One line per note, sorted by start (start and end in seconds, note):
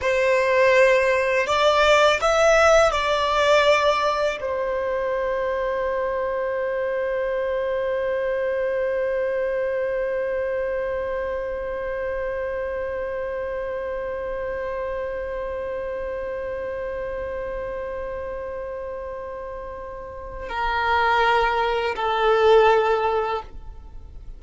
0.01 1.46 C5
1.46 2.20 D5
2.21 2.91 E5
2.91 4.37 D5
4.40 20.48 C5
20.48 21.95 A#4
21.95 23.41 A4